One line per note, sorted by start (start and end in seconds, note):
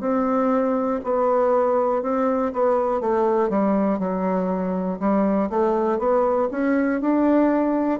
0.00 1.00 C4
1.04 2.02 B3
2.02 2.52 C4
2.53 3.01 B3
3.01 3.49 A3
3.49 3.99 G3
3.99 4.99 F#3
4.99 5.49 G3
5.50 5.99 A3
5.99 6.49 B3
6.51 7.01 C#4
7.01 8.00 D4